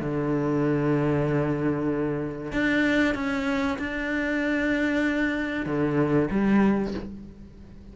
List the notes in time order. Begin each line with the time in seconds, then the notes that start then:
0.00 D3
2.52 D4
3.14 C#4
3.78 D4
5.66 D3
6.30 G3